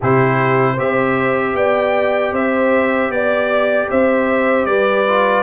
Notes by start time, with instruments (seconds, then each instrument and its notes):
0.00 tuba C3, trombone E4, horn G4, trumpet C5
0.74 tuba C4, trombone G4, horn C5, trumpet E5
1.54 tuba B3, horn D5, trumpet G5
2.32 tuba C4, horn C5, trumpet E5
3.09 tuba B3, trumpet D5, horn D5
3.91 tuba C4, horn C5, trumpet E5
4.65 tuba G3, horn B4, trumpet D5
5.07 trombone F4